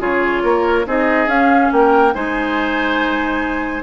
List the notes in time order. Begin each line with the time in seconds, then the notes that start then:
0.00 C#3 F4 G#4 C#5
0.43 A#3 A#4
0.86 C4 D#4 G#4 D#5
1.27 C#4 F5
1.72 A#3 A#4 G5
2.14 G#3 D#4 C5 G#5